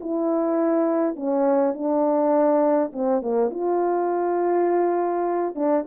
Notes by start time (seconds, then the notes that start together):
0.00 E4
1.16 C#4
1.74 D4
2.93 C4
3.22 A#3
3.50 F4
5.55 D4